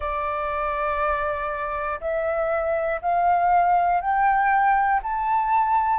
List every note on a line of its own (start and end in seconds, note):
0.00 2.00 D5
2.00 3.00 E5
3.01 4.00 F5
4.00 5.00 G5
5.03 5.99 A5